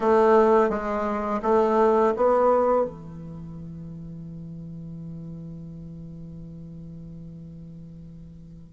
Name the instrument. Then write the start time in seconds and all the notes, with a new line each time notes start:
bassoon
0.00 A3
0.69 G#3
1.42 A3
2.16 B3
2.85 E3